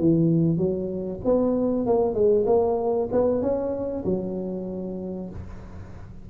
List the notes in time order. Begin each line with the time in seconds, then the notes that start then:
0.00 E3
0.58 F#3
1.25 B3
1.86 A#3
2.14 G#3
2.47 A#3
3.12 B3
3.42 C#4
4.05 F#3